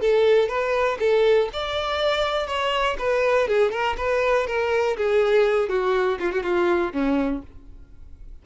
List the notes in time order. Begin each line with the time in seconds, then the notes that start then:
0.00 A4
0.48 B4
0.99 A4
1.53 D5
2.47 C#5
2.98 B4
3.48 G#4
3.71 A#4
3.97 B4
4.47 A#4
4.97 G#4
5.68 F#4
6.19 F4
6.31 F#4
6.43 F4
6.92 C#4